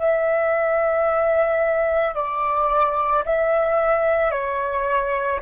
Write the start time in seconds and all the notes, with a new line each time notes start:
0.00 E5
2.16 D5
3.26 E5
4.32 C#5